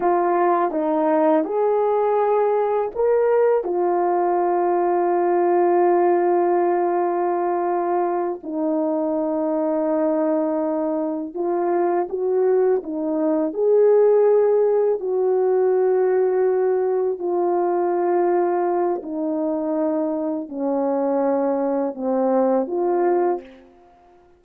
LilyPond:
\new Staff \with { instrumentName = "horn" } { \time 4/4 \tempo 4 = 82 f'4 dis'4 gis'2 | ais'4 f'2.~ | f'2.~ f'8 dis'8~ | dis'2.~ dis'8 f'8~ |
f'8 fis'4 dis'4 gis'4.~ | gis'8 fis'2. f'8~ | f'2 dis'2 | cis'2 c'4 f'4 | }